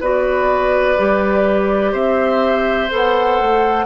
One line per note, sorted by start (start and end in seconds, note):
0.00 0.97 B3
0.00 0.96 F#4
0.00 1.92 B4
0.00 1.93 D5
0.96 1.93 G3
0.96 2.90 G4
1.92 2.90 C4
1.92 3.85 C5
1.92 2.90 E5
2.90 3.40 B3
2.90 3.85 A4
2.90 3.85 F#5
3.40 3.85 A3